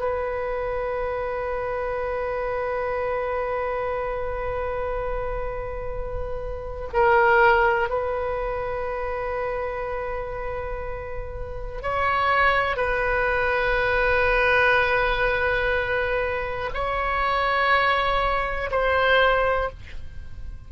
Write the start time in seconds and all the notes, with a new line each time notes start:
0.00 B4
6.93 A#4
7.89 B4
11.82 C#5
12.77 B4
16.74 C#5
18.71 C5